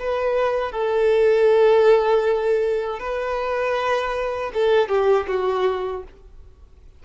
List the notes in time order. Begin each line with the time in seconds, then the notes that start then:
0.00 B4
0.72 A4
3.00 B4
4.54 A4
4.89 G4
5.28 F#4